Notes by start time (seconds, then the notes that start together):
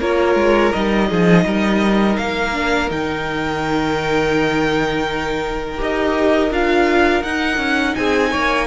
0.00 A#3 F4 A#4 C#5
0.35 G#3
0.73 G3 D#4 D#5
1.09 F3 G#4
1.45 G3 A#4
2.17 A#3 F5
2.53 D4
2.89 D#3 D#4 G5
5.78 D#4 G4 D#5
6.50 D4 F4 F5
7.23 D#4 F#5
7.57 C#4
7.95 C4 G#4 G#5
8.31 A#3 C#5